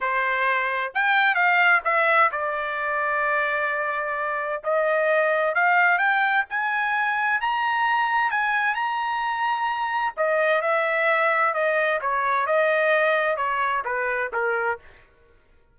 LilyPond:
\new Staff \with { instrumentName = "trumpet" } { \time 4/4 \tempo 4 = 130 c''2 g''4 f''4 | e''4 d''2.~ | d''2 dis''2 | f''4 g''4 gis''2 |
ais''2 gis''4 ais''4~ | ais''2 dis''4 e''4~ | e''4 dis''4 cis''4 dis''4~ | dis''4 cis''4 b'4 ais'4 | }